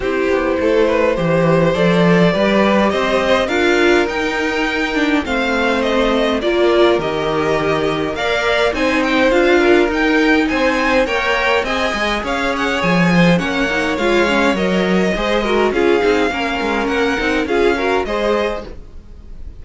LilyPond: <<
  \new Staff \with { instrumentName = "violin" } { \time 4/4 \tempo 4 = 103 c''2. d''4~ | d''4 dis''4 f''4 g''4~ | g''4 f''4 dis''4 d''4 | dis''2 f''4 gis''8 g''8 |
f''4 g''4 gis''4 g''4 | gis''4 f''8 fis''8 gis''4 fis''4 | f''4 dis''2 f''4~ | f''4 fis''4 f''4 dis''4 | }
  \new Staff \with { instrumentName = "violin" } { \time 4/4 g'4 a'8 b'8 c''2 | b'4 c''4 ais'2~ | ais'4 c''2 ais'4~ | ais'2 d''4 c''4~ |
c''8 ais'4. c''4 cis''4 | dis''4 cis''4. c''8 cis''4~ | cis''2 c''8 ais'8 gis'4 | ais'2 gis'8 ais'8 c''4 | }
  \new Staff \with { instrumentName = "viola" } { \time 4/4 e'2 g'4 a'4 | g'2 f'4 dis'4~ | dis'8 d'8 c'2 f'4 | g'2 ais'4 dis'4 |
f'4 dis'2 ais'4 | gis'2. cis'8 dis'8 | f'8 cis'8 ais'4 gis'8 fis'8 f'8 dis'8 | cis'4. dis'8 f'8 fis'8 gis'4 | }
  \new Staff \with { instrumentName = "cello" } { \time 4/4 c'8 b8 a4 e4 f4 | g4 c'4 d'4 dis'4~ | dis'4 a2 ais4 | dis2 ais4 c'4 |
d'4 dis'4 c'4 ais4 | c'8 gis8 cis'4 f4 ais4 | gis4 fis4 gis4 cis'8 c'8 | ais8 gis8 ais8 c'8 cis'4 gis4 | }
>>